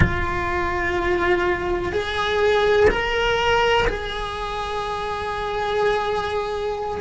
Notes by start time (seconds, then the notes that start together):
0.00 F4
1.92 G#4
2.90 A#4
3.87 G#4